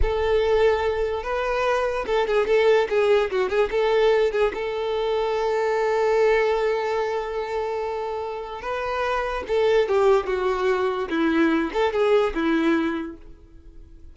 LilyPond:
\new Staff \with { instrumentName = "violin" } { \time 4/4 \tempo 4 = 146 a'2. b'4~ | b'4 a'8 gis'8 a'4 gis'4 | fis'8 gis'8 a'4. gis'8 a'4~ | a'1~ |
a'1~ | a'4 b'2 a'4 | g'4 fis'2 e'4~ | e'8 a'8 gis'4 e'2 | }